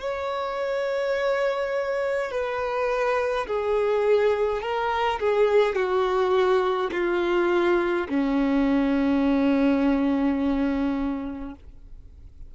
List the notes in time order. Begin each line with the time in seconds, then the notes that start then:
0.00 C#5
2.31 B4
3.47 G#4
4.61 A#4
5.19 G#4
5.75 F#4
6.92 F4
8.09 C#4